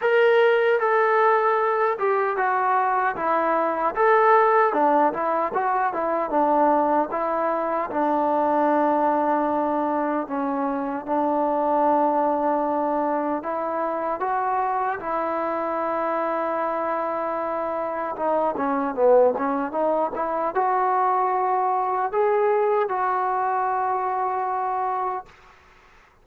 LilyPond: \new Staff \with { instrumentName = "trombone" } { \time 4/4 \tempo 4 = 76 ais'4 a'4. g'8 fis'4 | e'4 a'4 d'8 e'8 fis'8 e'8 | d'4 e'4 d'2~ | d'4 cis'4 d'2~ |
d'4 e'4 fis'4 e'4~ | e'2. dis'8 cis'8 | b8 cis'8 dis'8 e'8 fis'2 | gis'4 fis'2. | }